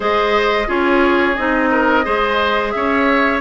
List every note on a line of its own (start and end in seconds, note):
0.00 0.66 G#3
0.00 0.66 G#4
0.00 0.67 C5
0.00 0.70 D#5
0.66 1.36 C#4
0.66 1.34 F4
0.66 1.69 G#4
0.66 1.36 C#5
1.36 2.06 C4
1.36 2.03 D#4
1.36 2.71 D#5
1.71 2.04 A#4
2.03 2.74 G#3
2.03 3.39 G#4
2.03 2.72 C5
2.71 3.40 C#4
2.71 3.40 C#5
2.71 3.39 E5